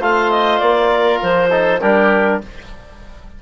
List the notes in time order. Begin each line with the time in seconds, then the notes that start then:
0.00 A3 F4 C5 F5
0.31 D#5
0.59 A#3 D5
0.91 A#4
1.22 F3 C5
1.50 D#4 A4
1.81 G3 D4 G4 A#4